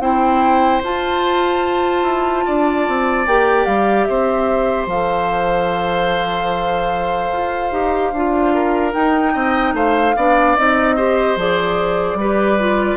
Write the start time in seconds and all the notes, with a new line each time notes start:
0.00 C4 E4 C5 G5
0.84 F4 A5
2.04 E4
2.46 D4 D5
2.88 C4
3.27 A#3 G4 G5
3.66 G3 F5
4.05 C4 C5 E5
4.87 F3 A4 F5
7.33 F4
7.72 D#4 G4
8.13 D4 F4
8.54 A#4
8.92 D#4 G5
9.34 C4 D#5
9.74 A3 C5 F5
10.17 B3 D4 D5
10.57 C4 D#4 D#5
10.96 G4 C5
11.37 F3 G#4 D5
12.15 G3 G4 B4
12.59 F4